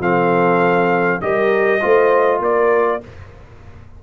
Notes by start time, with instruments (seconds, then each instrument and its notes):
0.00 tuba F3, trombone C4, horn A4, trumpet F5
1.22 tuba G3, trombone G4, horn A#4, trumpet D#5
1.81 tuba A3, trombone F4, horn C5
2.40 tuba A#3, horn A#4, trumpet D5